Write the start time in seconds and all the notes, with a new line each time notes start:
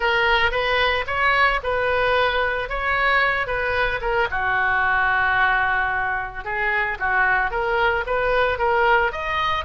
0.00 A#4
0.51 B4
1.06 C#5
1.63 B4
2.69 C#5
3.46 B4
4.01 A#4
4.30 F#4
6.44 G#4
6.99 F#4
7.50 A#4
8.06 B4
8.58 A#4
9.12 D#5